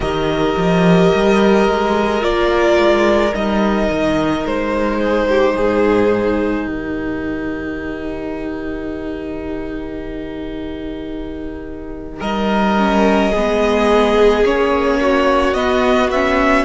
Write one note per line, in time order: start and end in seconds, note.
0.00 0.54 D#3
0.00 2.20 G4
0.00 4.98 A#4
0.00 2.23 D#5
0.56 1.12 F3
1.14 1.67 G3
1.67 2.22 G#3
2.20 2.77 A#3
2.20 3.31 F4
2.20 3.34 D5
2.77 3.33 G#3
3.32 3.89 G3
3.32 12.77 D#4
3.32 4.46 D#5
3.90 4.44 D#3
4.44 5.55 G#3
4.44 6.68 C5
4.98 5.26 G#4
5.29 5.55 G4
5.55 6.66 G#2
5.55 6.66 G#4
6.66 12.21 D#3
6.66 12.20 G4
6.66 12.21 A#4
12.20 13.32 G3
12.20 13.31 A#4
12.20 14.43 D#5
12.77 13.32 C#4
13.31 14.43 G#3
13.31 14.44 B3
13.31 14.98 G#4
14.43 15.53 A#3
14.43 15.54 C#4
14.43 15.53 C#5
15.01 16.65 F#4
15.53 16.64 B3
15.53 16.10 B3
15.53 16.09 D#5
16.10 16.65 C#4
16.10 16.65 E5